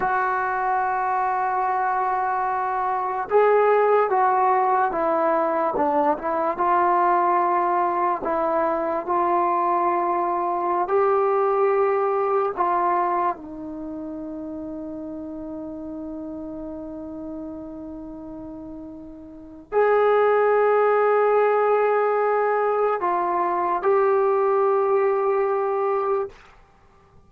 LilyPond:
\new Staff \with { instrumentName = "trombone" } { \time 4/4 \tempo 4 = 73 fis'1 | gis'4 fis'4 e'4 d'8 e'8 | f'2 e'4 f'4~ | f'4~ f'16 g'2 f'8.~ |
f'16 dis'2.~ dis'8.~ | dis'1 | gis'1 | f'4 g'2. | }